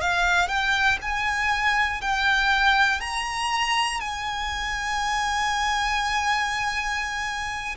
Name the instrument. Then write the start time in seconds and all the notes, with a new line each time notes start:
violin
0.00 F5
0.47 G5
1.01 G#5
2.00 G5
3.00 A#5
4.00 G#5